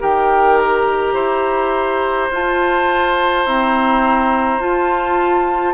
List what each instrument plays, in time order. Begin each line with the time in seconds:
0.00 bassoon D#3, clarinet G4, oboe A#4, flute G5
0.58 flute A#5
1.14 bassoon E4, oboe C5
2.30 bassoon F4, clarinet F4, flute A5
3.45 clarinet C4, bassoon E4, flute A#5
4.59 clarinet F4, bassoon F4, flute A5